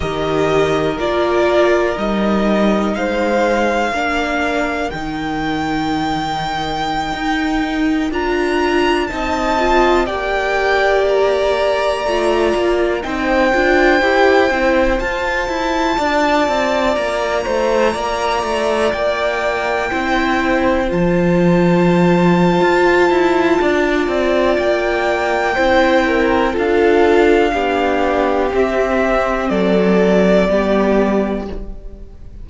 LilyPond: <<
  \new Staff \with { instrumentName = "violin" } { \time 4/4 \tempo 4 = 61 dis''4 d''4 dis''4 f''4~ | f''4 g''2.~ | g''16 ais''4 a''4 g''4 ais''8.~ | ais''4~ ais''16 g''2 a''8.~ |
a''4~ a''16 ais''2 g''8.~ | g''4~ g''16 a''2~ a''8.~ | a''4 g''2 f''4~ | f''4 e''4 d''2 | }
  \new Staff \with { instrumentName = "violin" } { \time 4/4 ais'2. c''4 | ais'1~ | ais'4~ ais'16 dis''4 d''4.~ d''16~ | d''4~ d''16 c''2~ c''8.~ |
c''16 d''4. c''8 d''4.~ d''16~ | d''16 c''2.~ c''8. | d''2 c''8 ais'8 a'4 | g'2 a'4 g'4 | }
  \new Staff \with { instrumentName = "viola" } { \time 4/4 g'4 f'4 dis'2 | d'4 dis'2.~ | dis'16 f'4 dis'8 f'8 g'4.~ g'16~ | g'16 f'4 dis'8 f'8 g'8 e'8 f'8.~ |
f'1~ | f'16 e'4 f'2~ f'8.~ | f'2 e'4 f'4 | d'4 c'2 b4 | }
  \new Staff \with { instrumentName = "cello" } { \time 4/4 dis4 ais4 g4 gis4 | ais4 dis2~ dis16 dis'8.~ | dis'16 d'4 c'4 ais4.~ ais16~ | ais16 a8 ais8 c'8 d'8 e'8 c'8 f'8 e'16~ |
e'16 d'8 c'8 ais8 a8 ais8 a8 ais8.~ | ais16 c'4 f4.~ f16 f'8 e'8 | d'8 c'8 ais4 c'4 d'4 | b4 c'4 fis4 g4 | }
>>